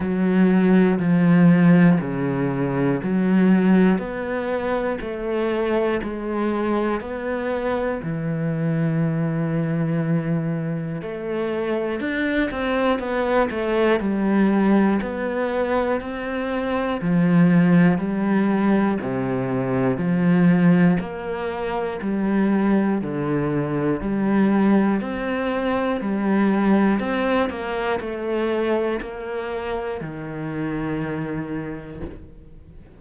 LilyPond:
\new Staff \with { instrumentName = "cello" } { \time 4/4 \tempo 4 = 60 fis4 f4 cis4 fis4 | b4 a4 gis4 b4 | e2. a4 | d'8 c'8 b8 a8 g4 b4 |
c'4 f4 g4 c4 | f4 ais4 g4 d4 | g4 c'4 g4 c'8 ais8 | a4 ais4 dis2 | }